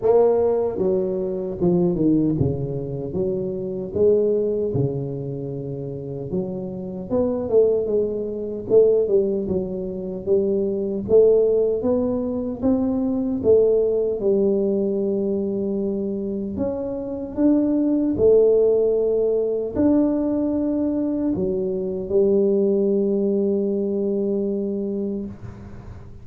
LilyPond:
\new Staff \with { instrumentName = "tuba" } { \time 4/4 \tempo 4 = 76 ais4 fis4 f8 dis8 cis4 | fis4 gis4 cis2 | fis4 b8 a8 gis4 a8 g8 | fis4 g4 a4 b4 |
c'4 a4 g2~ | g4 cis'4 d'4 a4~ | a4 d'2 fis4 | g1 | }